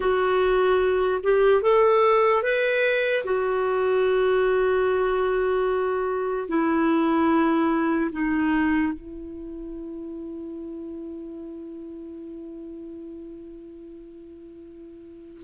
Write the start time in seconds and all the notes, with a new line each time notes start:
0.00 F#4
1.23 G4
1.61 A4
2.43 B4
3.24 F#4
6.48 E4
8.12 D#4
8.93 E4